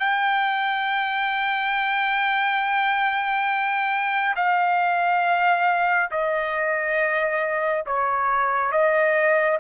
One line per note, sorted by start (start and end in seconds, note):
0.00 4.35 G5
4.36 6.10 F5
6.11 7.85 D#5
7.86 8.72 C#5
8.72 9.59 D#5